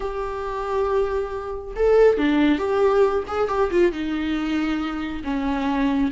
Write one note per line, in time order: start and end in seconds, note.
0.00 1.74 G4
1.76 2.17 A4
2.17 2.58 D4
2.58 3.23 G4
3.27 3.48 G#4
3.48 3.70 G4
3.71 3.92 F4
3.92 5.22 D#4
5.24 6.11 C#4